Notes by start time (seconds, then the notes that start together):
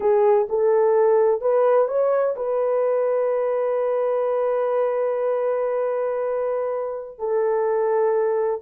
0.00 G#4
0.49 A4
1.41 B4
1.87 C#5
2.35 B4
7.19 A4